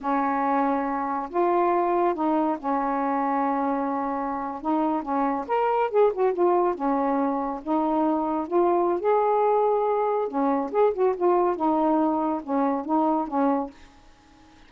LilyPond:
\new Staff \with { instrumentName = "saxophone" } { \time 4/4 \tempo 4 = 140 cis'2. f'4~ | f'4 dis'4 cis'2~ | cis'2~ cis'8. dis'4 cis'16~ | cis'8. ais'4 gis'8 fis'8 f'4 cis'16~ |
cis'4.~ cis'16 dis'2 f'16~ | f'4 gis'2. | cis'4 gis'8 fis'8 f'4 dis'4~ | dis'4 cis'4 dis'4 cis'4 | }